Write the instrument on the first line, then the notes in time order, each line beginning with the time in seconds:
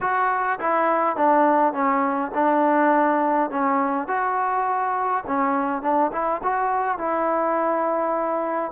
trombone
0.01 F#4
0.59 E4
1.16 D4
1.73 C#4
2.34 D4
3.50 C#4
4.07 F#4
5.26 C#4
5.82 D4
6.12 E4
6.43 F#4
6.97 E4